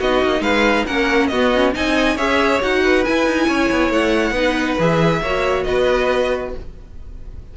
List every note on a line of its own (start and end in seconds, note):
0.00 0.23 B3
0.00 0.88 D#4
0.00 0.42 F#4
0.00 0.42 D#5
0.24 0.40 A#3
0.40 0.84 G#3
0.40 0.86 B4
0.40 0.86 F5
0.87 1.32 A#3
0.87 1.32 C#4
0.87 1.30 A#4
0.87 1.28 F#5
1.28 1.75 B3
1.28 1.55 B3
1.28 1.75 F#4
1.28 1.71 D#5
1.55 1.73 C#4
1.73 2.18 C4
1.73 2.17 D#4
1.73 2.17 D#5
1.73 2.18 G#5
2.17 2.61 C#4
2.17 2.62 G#4
2.17 2.82 C#5
2.17 2.61 E5
2.62 3.06 D#4
2.62 3.05 F#4
2.62 3.05 F#5
2.84 3.48 B4
3.05 4.35 E4
3.05 3.26 E4
3.05 3.92 G#5
3.26 3.48 D#4
3.48 3.71 C#4
3.48 4.34 C#5
3.71 3.90 B3
3.90 4.32 A3
3.90 4.80 F#5
4.32 4.75 B3
4.32 4.79 D#4
4.32 5.20 B4
4.79 5.22 E3
4.79 5.23 G#4
4.79 5.64 E5
5.22 5.65 A#3
5.22 6.57 F#4
5.22 5.66 C#5
5.64 6.55 B3
5.64 6.55 B4
5.64 6.51 D#5